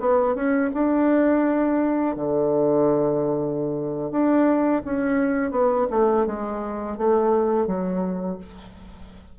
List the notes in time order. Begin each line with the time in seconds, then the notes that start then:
0.00 B3
0.35 C#4
0.74 D4
2.16 D3
4.11 D4
4.85 C#4
5.51 B3
5.91 A3
6.26 G#3
6.97 A3
7.67 F#3